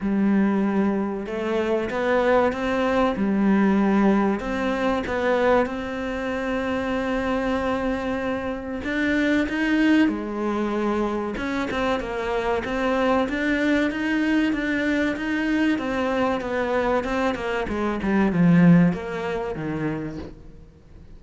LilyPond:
\new Staff \with { instrumentName = "cello" } { \time 4/4 \tempo 4 = 95 g2 a4 b4 | c'4 g2 c'4 | b4 c'2.~ | c'2 d'4 dis'4 |
gis2 cis'8 c'8 ais4 | c'4 d'4 dis'4 d'4 | dis'4 c'4 b4 c'8 ais8 | gis8 g8 f4 ais4 dis4 | }